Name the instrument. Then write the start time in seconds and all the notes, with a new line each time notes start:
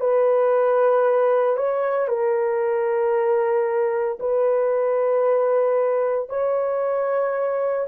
horn
0.00 B4
1.57 C#5
2.08 A#4
4.20 B4
6.30 C#5